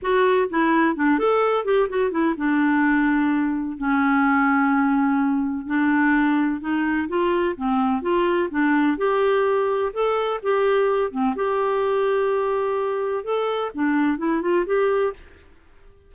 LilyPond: \new Staff \with { instrumentName = "clarinet" } { \time 4/4 \tempo 4 = 127 fis'4 e'4 d'8 a'4 g'8 | fis'8 e'8 d'2. | cis'1 | d'2 dis'4 f'4 |
c'4 f'4 d'4 g'4~ | g'4 a'4 g'4. c'8 | g'1 | a'4 d'4 e'8 f'8 g'4 | }